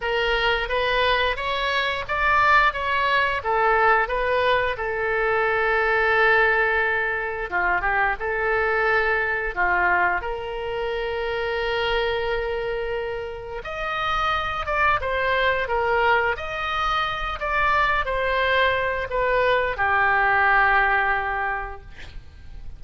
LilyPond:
\new Staff \with { instrumentName = "oboe" } { \time 4/4 \tempo 4 = 88 ais'4 b'4 cis''4 d''4 | cis''4 a'4 b'4 a'4~ | a'2. f'8 g'8 | a'2 f'4 ais'4~ |
ais'1 | dis''4. d''8 c''4 ais'4 | dis''4. d''4 c''4. | b'4 g'2. | }